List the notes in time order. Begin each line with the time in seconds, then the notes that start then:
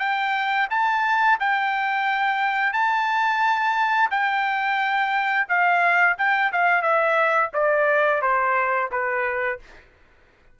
0.00 G5
0.71 A5
1.40 G5
2.73 A5
4.11 G5
5.49 F5
6.18 G5
6.53 F5
6.83 E5
7.54 D5
8.23 C5
8.92 B4